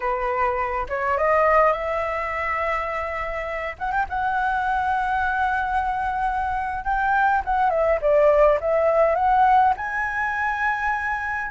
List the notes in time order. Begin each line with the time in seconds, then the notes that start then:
0.00 B4
0.88 C#5
1.17 D#5
1.72 E5
3.78 F#5
3.91 G5
4.09 F#5
6.84 G5
7.44 F#5
7.70 E5
8.01 D5
8.60 E5
9.15 F#5
9.77 G#5